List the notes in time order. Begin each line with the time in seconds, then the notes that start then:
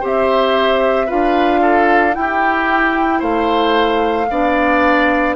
0.00 C4 G4 C5 E5
1.06 D4 F4 B4 F5
1.61 A4
2.11 E4 G5
2.19 G4
3.19 A3 C5 F5
4.30 B3 D4 D5